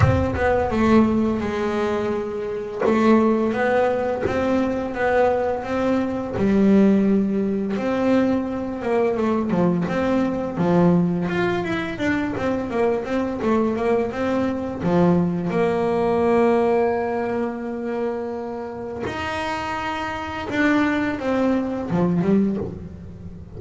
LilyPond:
\new Staff \with { instrumentName = "double bass" } { \time 4/4 \tempo 4 = 85 c'8 b8 a4 gis2 | a4 b4 c'4 b4 | c'4 g2 c'4~ | c'8 ais8 a8 f8 c'4 f4 |
f'8 e'8 d'8 c'8 ais8 c'8 a8 ais8 | c'4 f4 ais2~ | ais2. dis'4~ | dis'4 d'4 c'4 f8 g8 | }